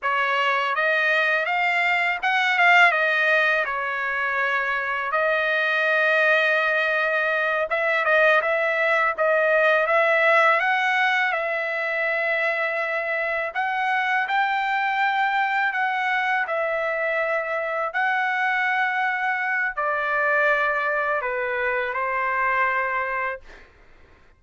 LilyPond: \new Staff \with { instrumentName = "trumpet" } { \time 4/4 \tempo 4 = 82 cis''4 dis''4 f''4 fis''8 f''8 | dis''4 cis''2 dis''4~ | dis''2~ dis''8 e''8 dis''8 e''8~ | e''8 dis''4 e''4 fis''4 e''8~ |
e''2~ e''8 fis''4 g''8~ | g''4. fis''4 e''4.~ | e''8 fis''2~ fis''8 d''4~ | d''4 b'4 c''2 | }